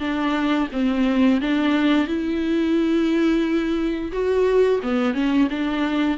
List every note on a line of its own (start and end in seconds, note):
0.00 0.68 D4
0.73 1.41 C4
1.41 2.07 D4
2.07 4.12 E4
4.12 4.81 F#4
4.83 5.14 B3
5.14 5.49 C#4
5.50 6.18 D4